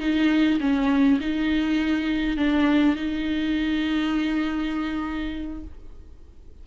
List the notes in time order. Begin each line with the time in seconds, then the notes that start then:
0.00 D#4
0.60 C#4
1.20 D#4
2.37 D4
2.96 D#4